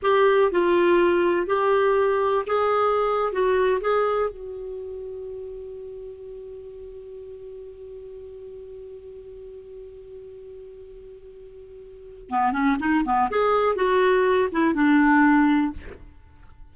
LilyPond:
\new Staff \with { instrumentName = "clarinet" } { \time 4/4 \tempo 4 = 122 g'4 f'2 g'4~ | g'4 gis'4.~ gis'16 fis'4 gis'16~ | gis'8. fis'2.~ fis'16~ | fis'1~ |
fis'1~ | fis'1~ | fis'4 b8 cis'8 dis'8 b8 gis'4 | fis'4. e'8 d'2 | }